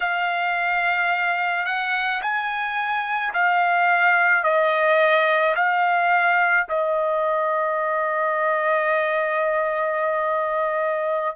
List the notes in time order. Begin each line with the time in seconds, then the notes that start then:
0.00 F5
1.65 F#5
2.22 G#5
3.33 F5
4.43 D#5
5.55 F5
6.68 D#5